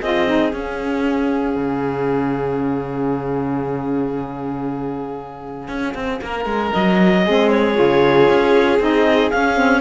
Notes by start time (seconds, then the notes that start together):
0.00 C4 F4 G#4 D#5
0.27 D#4
0.51 C#4 F5
1.55 C#3
5.68 C#4
5.94 C4
6.21 A#3 A#4
6.45 G#3
6.73 F#3 D#5
7.24 G#3 C4 G#4
7.50 C#5
7.75 C#3 F4
8.29 C#4
8.79 C4 D#4 D#5
9.30 C#4 F5
9.56 C4